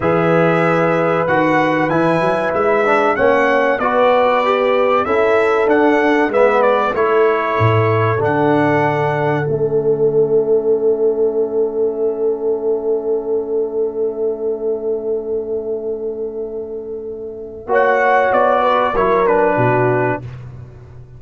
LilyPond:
<<
  \new Staff \with { instrumentName = "trumpet" } { \time 4/4 \tempo 4 = 95 e''2 fis''4 gis''4 | e''4 fis''4 d''2 | e''4 fis''4 e''8 d''8 cis''4~ | cis''4 fis''2 e''4~ |
e''1~ | e''1~ | e''1 | fis''4 d''4 cis''8 b'4. | }
  \new Staff \with { instrumentName = "horn" } { \time 4/4 b'1~ | b'4 cis''4 b'2 | a'2 b'4 a'4~ | a'1~ |
a'1~ | a'1~ | a'1 | cis''4. b'8 ais'4 fis'4 | }
  \new Staff \with { instrumentName = "trombone" } { \time 4/4 gis'2 fis'4 e'4~ | e'8 d'8 cis'4 fis'4 g'4 | e'4 d'4 b4 e'4~ | e'4 d'2 cis'4~ |
cis'1~ | cis'1~ | cis'1 | fis'2 e'8 d'4. | }
  \new Staff \with { instrumentName = "tuba" } { \time 4/4 e2 dis4 e8 fis8 | gis4 ais4 b2 | cis'4 d'4 gis4 a4 | a,4 d2 a4~ |
a1~ | a1~ | a1 | ais4 b4 fis4 b,4 | }
>>